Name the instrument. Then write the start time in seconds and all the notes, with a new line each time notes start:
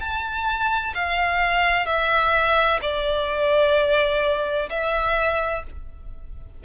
violin
0.00 A5
0.94 F5
1.86 E5
2.82 D5
4.70 E5